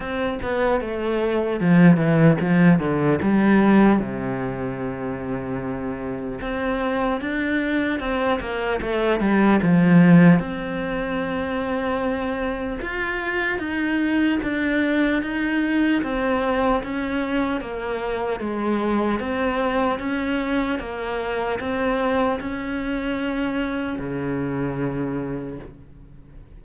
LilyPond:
\new Staff \with { instrumentName = "cello" } { \time 4/4 \tempo 4 = 75 c'8 b8 a4 f8 e8 f8 d8 | g4 c2. | c'4 d'4 c'8 ais8 a8 g8 | f4 c'2. |
f'4 dis'4 d'4 dis'4 | c'4 cis'4 ais4 gis4 | c'4 cis'4 ais4 c'4 | cis'2 cis2 | }